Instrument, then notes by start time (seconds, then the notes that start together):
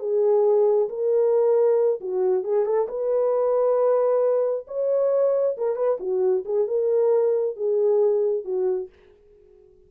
horn
0.00 G#4
0.89 A#4
2.01 F#4
2.44 G#4
2.66 A4
2.89 B4
4.68 C#5
5.58 A#4
5.76 B4
6.00 F#4
6.46 G#4
6.68 A#4
7.57 G#4
8.45 F#4